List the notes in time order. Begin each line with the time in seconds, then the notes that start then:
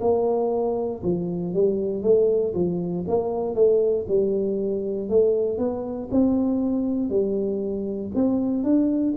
0.00 A#3
1.03 F3
1.53 G3
2.02 A3
2.54 F3
3.07 A#3
3.55 A3
4.08 G3
5.09 A3
5.57 B3
6.11 C4
7.09 G3
8.14 C4
8.63 D4